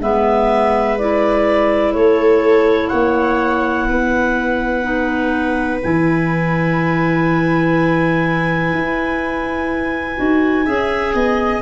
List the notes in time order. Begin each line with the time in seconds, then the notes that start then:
0.00 G#3 B3 B4 E5
0.98 E4 D5
1.93 A3 A4 C#5
2.88 A#3 C#5 F#5
3.89 B3 B4
4.83 D#4
5.83 E3 E4 G#5
8.73 E4
10.17 D#4 F#4
10.66 C#4 G#4 E5
11.14 B3 D#5